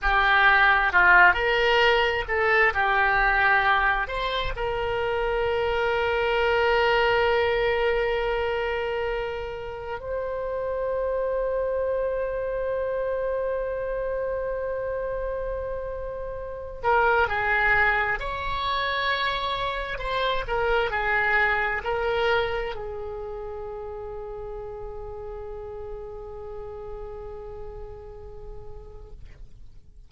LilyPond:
\new Staff \with { instrumentName = "oboe" } { \time 4/4 \tempo 4 = 66 g'4 f'8 ais'4 a'8 g'4~ | g'8 c''8 ais'2.~ | ais'2. c''4~ | c''1~ |
c''2~ c''8 ais'8 gis'4 | cis''2 c''8 ais'8 gis'4 | ais'4 gis'2.~ | gis'1 | }